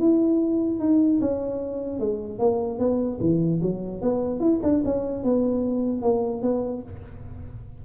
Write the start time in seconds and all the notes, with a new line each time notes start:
0.00 E4
0.80 D#4
1.21 C#4
2.00 G#3
2.39 A#3
2.79 B3
3.21 E3
3.62 F#3
4.02 B3
4.40 E4
4.63 D4
4.85 C#4
5.24 B3
6.03 A#3
6.42 B3